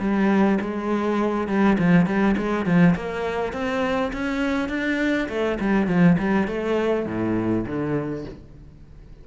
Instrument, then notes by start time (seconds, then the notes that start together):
cello
0.00 G3
0.61 G#3
1.48 G3
1.79 F3
2.06 G3
2.38 G#3
2.66 F3
2.96 A#3
3.53 C4
4.13 C#4
4.69 D4
5.29 A3
5.60 G3
5.88 F3
6.19 G3
6.48 A3
7.06 A2
7.66 D3